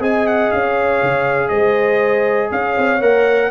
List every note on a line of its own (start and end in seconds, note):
0.00 0.50 C4
0.00 3.00 G#4
0.00 0.61 D#5
0.00 0.28 G#5
0.28 0.52 F#5
0.52 1.03 C#4
0.52 1.49 F5
0.61 1.48 C#5
1.03 1.50 C#3
1.49 2.50 G#3
1.49 2.50 C5
1.49 2.49 D#5
2.50 2.77 C#4
2.50 3.50 C#5
2.50 3.02 F5
2.78 3.01 C4
3.01 3.51 A#3
3.01 3.51 A#4
3.01 3.51 F#5